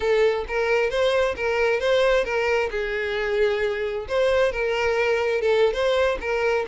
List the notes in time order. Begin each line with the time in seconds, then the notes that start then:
0.00 A4
0.48 A#4
0.90 C5
1.36 A#4
1.80 C5
2.24 A#4
2.70 G#4
4.08 C5
4.52 A#4
5.41 A4
5.73 C5
6.20 A#4